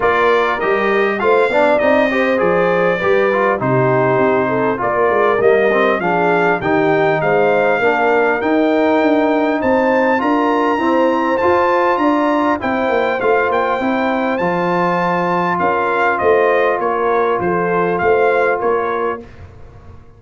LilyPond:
<<
  \new Staff \with { instrumentName = "trumpet" } { \time 4/4 \tempo 4 = 100 d''4 dis''4 f''4 dis''4 | d''2 c''2 | d''4 dis''4 f''4 g''4 | f''2 g''2 |
a''4 ais''2 a''4 | ais''4 g''4 f''8 g''4. | a''2 f''4 dis''4 | cis''4 c''4 f''4 cis''4 | }
  \new Staff \with { instrumentName = "horn" } { \time 4/4 ais'2 c''8 d''4 c''8~ | c''4 b'4 g'4. a'8 | ais'2 gis'4 g'4 | c''4 ais'2. |
c''4 ais'4 c''2 | d''4 c''2.~ | c''2 ais'4 c''4 | ais'4 a'4 c''4 ais'4 | }
  \new Staff \with { instrumentName = "trombone" } { \time 4/4 f'4 g'4 f'8 d'8 dis'8 g'8 | gis'4 g'8 f'8 dis'2 | f'4 ais8 c'8 d'4 dis'4~ | dis'4 d'4 dis'2~ |
dis'4 f'4 c'4 f'4~ | f'4 e'4 f'4 e'4 | f'1~ | f'1 | }
  \new Staff \with { instrumentName = "tuba" } { \time 4/4 ais4 g4 a8 b8 c'4 | f4 g4 c4 c'4 | ais8 gis8 g4 f4 dis4 | gis4 ais4 dis'4 d'4 |
c'4 d'4 e'4 f'4 | d'4 c'8 ais8 a8 ais8 c'4 | f2 cis'4 a4 | ais4 f4 a4 ais4 | }
>>